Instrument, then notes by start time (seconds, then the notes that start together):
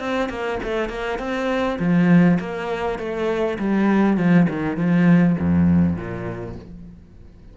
cello
0.00 C4
0.30 A#3
0.64 A3
0.90 A#3
1.19 C4
1.80 F3
2.40 A#3
2.99 A3
3.59 G3
4.18 F3
4.50 D#3
4.77 F3
5.40 F2
5.97 A#2